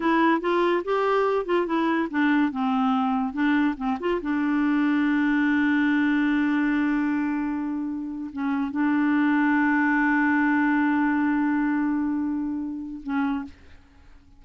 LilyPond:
\new Staff \with { instrumentName = "clarinet" } { \time 4/4 \tempo 4 = 143 e'4 f'4 g'4. f'8 | e'4 d'4 c'2 | d'4 c'8 f'8 d'2~ | d'1~ |
d'2.~ d'8. cis'16~ | cis'8. d'2.~ d'16~ | d'1~ | d'2. cis'4 | }